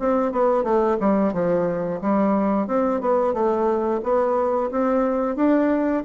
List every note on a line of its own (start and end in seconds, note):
0.00 0.32 C4
0.32 0.64 B3
0.64 0.97 A3
1.00 1.33 G3
1.33 2.01 F3
2.01 2.68 G3
2.68 3.01 C4
3.01 3.34 B3
3.34 4.01 A3
4.03 4.71 B3
4.71 5.36 C4
5.36 6.04 D4